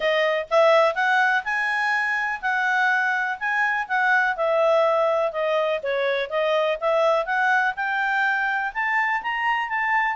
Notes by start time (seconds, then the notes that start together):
0.00 D#5
0.50 E5
0.95 F#5
1.44 G#5
2.41 F#5
3.39 G#5
3.88 F#5
4.36 E5
5.32 D#5
5.82 C#5
6.29 D#5
6.80 E5
7.25 F#5
7.76 G5
8.73 A5
9.22 A#5
9.69 A5